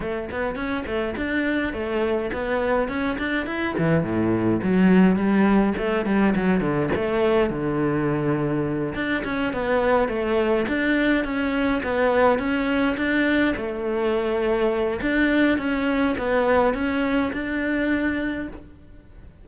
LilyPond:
\new Staff \with { instrumentName = "cello" } { \time 4/4 \tempo 4 = 104 a8 b8 cis'8 a8 d'4 a4 | b4 cis'8 d'8 e'8 e8 a,4 | fis4 g4 a8 g8 fis8 d8 | a4 d2~ d8 d'8 |
cis'8 b4 a4 d'4 cis'8~ | cis'8 b4 cis'4 d'4 a8~ | a2 d'4 cis'4 | b4 cis'4 d'2 | }